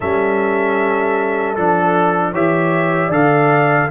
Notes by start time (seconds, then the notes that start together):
0.00 G3 C#4 A4 E5
1.55 F3 D4 A4
2.31 E3 G4 C#5 E5
3.07 D3 A4 D5 F5